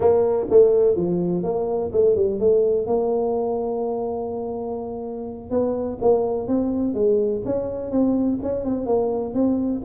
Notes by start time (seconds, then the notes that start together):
0.00 A#3
0.50 A3
0.95 F3
1.43 A#3
1.92 A3
2.15 G3
2.39 A3
2.86 A#3
5.50 B3
6.01 A#3
6.47 C4
6.94 G#3
7.45 C#4
7.91 C4
8.42 C#4
8.64 C4
8.86 A#3
9.34 C4